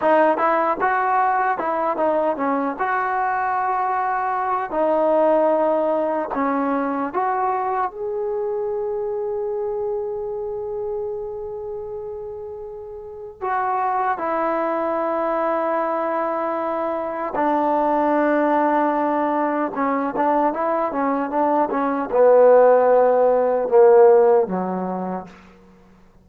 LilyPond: \new Staff \with { instrumentName = "trombone" } { \time 4/4 \tempo 4 = 76 dis'8 e'8 fis'4 e'8 dis'8 cis'8 fis'8~ | fis'2 dis'2 | cis'4 fis'4 gis'2~ | gis'1~ |
gis'4 fis'4 e'2~ | e'2 d'2~ | d'4 cis'8 d'8 e'8 cis'8 d'8 cis'8 | b2 ais4 fis4 | }